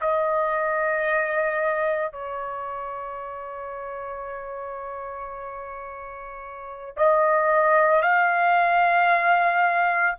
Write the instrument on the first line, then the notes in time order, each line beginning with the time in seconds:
trumpet
0.00 D#5
2.12 C#5
6.96 D#5
8.02 F5